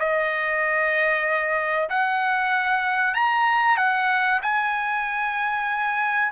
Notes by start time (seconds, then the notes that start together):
0.00 D#5
1.90 F#5
3.15 A#5
3.77 F#5
4.43 G#5